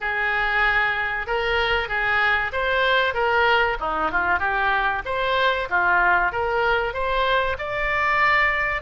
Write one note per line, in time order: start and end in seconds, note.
0.00 1.26 G#4
1.26 1.88 A#4
1.88 2.51 G#4
2.52 3.14 C5
3.14 3.77 A#4
3.80 4.11 D#4
4.11 4.39 F4
4.39 5.02 G4
5.05 5.68 C5
5.69 6.32 F4
6.32 6.93 A#4
6.93 7.56 C5
7.58 8.81 D5